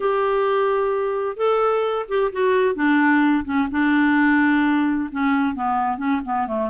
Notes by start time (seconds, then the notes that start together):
0.00 G4
1.36 A4
2.08 G4
2.32 F#4
2.75 D4
3.44 C#4
3.71 D4
5.11 C#4
5.54 B3
5.97 C#4
6.24 B3
6.47 A3